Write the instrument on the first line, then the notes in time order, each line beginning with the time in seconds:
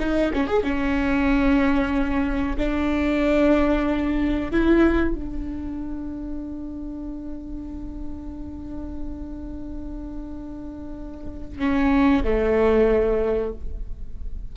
viola
0.00 D#4
0.34 C#4
0.48 G#4
0.64 C#4
2.58 D4
4.51 E4
5.15 D4
11.59 C#4
12.24 A3